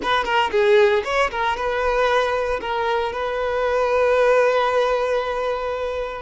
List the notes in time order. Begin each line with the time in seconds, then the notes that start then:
0.02 B4
0.24 A#4
0.51 G#4
1.04 C#5
1.30 A#4
1.56 B4
2.61 A#4
3.12 B4